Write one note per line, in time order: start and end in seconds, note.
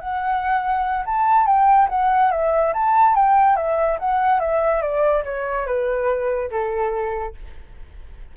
0.00 1.05 F#5
1.05 1.47 A5
1.47 1.89 G5
1.89 2.31 F#5
2.31 2.73 E5
2.73 3.15 A5
3.15 3.56 G5
3.56 3.98 E5
3.99 4.40 F#5
4.40 4.82 E5
4.82 5.24 D5
5.24 5.66 C#5
5.66 6.50 B4
6.51 7.35 A4